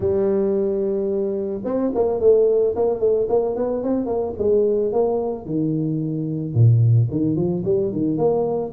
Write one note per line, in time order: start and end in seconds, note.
0.00 1.61 G3
1.64 1.91 C4
1.95 2.20 A#3
2.20 2.74 A3
2.75 2.99 A#3
2.99 3.27 A3
3.28 3.55 A#3
3.55 3.83 B3
3.83 4.06 C4
4.06 4.33 A#3
4.38 4.92 G#3
4.92 5.45 A#3
5.45 6.54 D#3
6.54 7.08 A#2
7.11 7.36 D#3
7.36 7.63 F3
7.65 7.92 G3
7.92 8.17 D#3
8.17 8.72 A#3